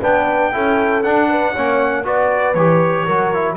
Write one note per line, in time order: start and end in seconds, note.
0.00 0.53 B3
0.00 0.52 D4
0.00 0.51 B4
0.00 1.03 G5
0.52 1.04 C#4
0.52 1.03 E4
0.52 1.29 A4
1.03 1.55 D4
1.03 2.04 F#5
1.29 1.53 B4
1.53 2.03 A#3
1.53 2.04 C#4
1.53 2.04 C#5
2.03 2.54 B3
2.03 2.55 F#4
2.03 3.05 B4
2.03 2.54 D5
2.54 3.05 E3
2.54 3.07 G4
2.54 3.56 C#5
3.05 3.57 F#3
3.05 3.33 F#4
3.05 3.56 A#4
3.33 3.57 E4